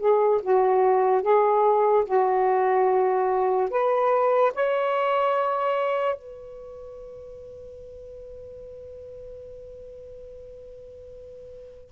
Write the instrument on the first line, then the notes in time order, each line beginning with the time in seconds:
saxophone
0.00 G#4
0.43 F#4
1.23 G#4
2.05 F#4
3.71 B4
4.55 C#5
6.16 B4